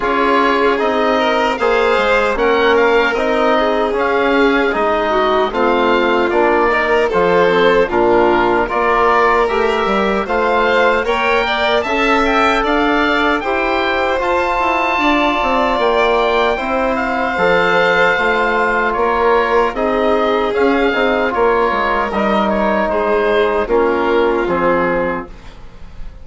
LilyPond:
<<
  \new Staff \with { instrumentName = "oboe" } { \time 4/4 \tempo 4 = 76 cis''4 dis''4 f''4 fis''8 f''8 | dis''4 f''4 dis''4 f''4 | d''4 c''4 ais'4 d''4 | e''4 f''4 g''4 a''8 g''8 |
f''4 g''4 a''2 | g''4. f''2~ f''8 | cis''4 dis''4 f''4 cis''4 | dis''8 cis''8 c''4 ais'4 gis'4 | }
  \new Staff \with { instrumentName = "violin" } { \time 4/4 gis'4. ais'8 c''4 ais'4~ | ais'8 gis'2 fis'8 f'4~ | f'8 ais'8 a'4 f'4 ais'4~ | ais'4 c''4 cis''8 d''8 e''4 |
d''4 c''2 d''4~ | d''4 c''2. | ais'4 gis'2 ais'4~ | ais'4 gis'4 f'2 | }
  \new Staff \with { instrumentName = "trombone" } { \time 4/4 f'4 dis'4 gis'4 cis'4 | dis'4 cis'4 dis'4 c'4 | d'8 dis'8 f'8 c'8 d'4 f'4 | g'4 f'4 ais'4 a'4~ |
a'4 g'4 f'2~ | f'4 e'4 a'4 f'4~ | f'4 dis'4 cis'8 dis'8 f'4 | dis'2 cis'4 c'4 | }
  \new Staff \with { instrumentName = "bassoon" } { \time 4/4 cis'4 c'4 ais8 gis8 ais4 | c'4 cis'4 gis4 a4 | ais4 f4 ais,4 ais4 | a8 g8 a4 ais4 cis'4 |
d'4 e'4 f'8 e'8 d'8 c'8 | ais4 c'4 f4 a4 | ais4 c'4 cis'8 c'8 ais8 gis8 | g4 gis4 ais4 f4 | }
>>